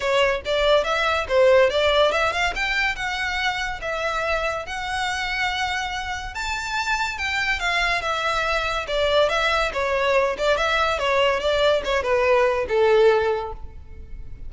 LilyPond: \new Staff \with { instrumentName = "violin" } { \time 4/4 \tempo 4 = 142 cis''4 d''4 e''4 c''4 | d''4 e''8 f''8 g''4 fis''4~ | fis''4 e''2 fis''4~ | fis''2. a''4~ |
a''4 g''4 f''4 e''4~ | e''4 d''4 e''4 cis''4~ | cis''8 d''8 e''4 cis''4 d''4 | cis''8 b'4. a'2 | }